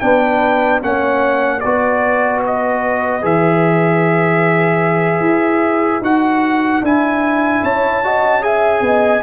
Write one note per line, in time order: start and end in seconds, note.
0.00 0.82 B3
0.00 0.81 D4
0.00 0.83 B4
0.00 0.80 G5
0.81 1.64 A#3
0.81 1.61 C#4
0.81 1.60 C#5
0.81 1.60 F#5
1.60 3.23 B3
1.60 3.22 F#4
1.60 7.60 B4
1.60 2.40 D5
2.46 3.25 D#5
3.22 5.20 E3
3.22 6.02 G#4
3.22 6.04 E5
5.20 6.00 E4
6.01 6.81 D#4
6.01 6.84 F#4
6.01 6.84 F#5
6.82 7.62 D4
6.82 8.04 E4
6.82 7.64 G#5
7.63 8.82 C#4
7.63 8.03 C#5
7.63 8.44 A5
8.04 8.42 F#4
8.04 8.44 D#5
8.42 9.21 G#4
8.42 8.84 E5
8.42 9.23 G#5
8.82 9.22 B3
8.82 9.23 D#5